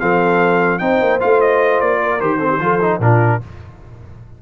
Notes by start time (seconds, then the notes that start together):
0.00 F3 C4 A4 F5
0.79 C4 D#4 C5 G5
1.01 A#3
1.20 A3 F4 F5
1.41 D#5
1.81 A#3 D5
2.02 A#4
2.20 D#3 G4 C5
2.39 C4 A4
2.49 G4
2.60 F3 F4 A4
2.81 D#4
3.00 A#2 D4 F4 A#4